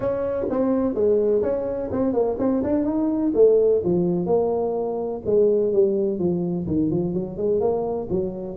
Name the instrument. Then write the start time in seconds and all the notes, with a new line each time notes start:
tuba
0.00 C#4
0.50 C4
0.94 G#3
1.42 C#4
1.91 C4
2.13 A#3
2.38 C4
2.63 D4
2.84 D#4
3.34 A3
3.84 F3
4.26 A#3
5.25 G#3
5.72 G3
6.19 F3
6.67 D#3
6.90 F3
7.13 F#3
7.37 G#3
7.60 A#3
8.10 F#3